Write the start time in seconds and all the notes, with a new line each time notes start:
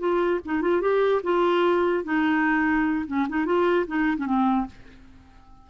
0.00 F4
0.46 D#4
0.62 F4
0.82 G4
1.24 F4
2.05 D#4
3.08 C#4
3.29 D#4
3.46 F4
3.87 D#4
4.18 C#4
4.26 C4